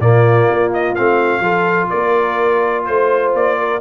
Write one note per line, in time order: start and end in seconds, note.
0.00 0.48 A#2
0.00 0.96 A#3
0.00 1.42 F4
0.00 0.72 D5
0.50 0.98 A#3
0.73 0.95 D#5
0.95 1.40 A3
0.95 1.43 C4
0.95 1.90 F5
1.40 1.88 F3
1.40 3.81 F4
1.40 1.89 A4
1.90 2.88 A#3
1.90 2.86 A#4
1.90 2.85 D5
2.85 3.35 A3
2.85 3.33 C5
2.85 3.59 C5
3.35 3.81 A#3
3.35 3.81 D5
3.59 3.81 A#4